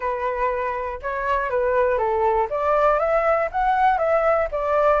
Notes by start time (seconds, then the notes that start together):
0.00 B4
1.02 C#5
1.50 B4
1.97 A4
2.50 D5
2.99 E5
3.51 F#5
3.97 E5
4.51 D5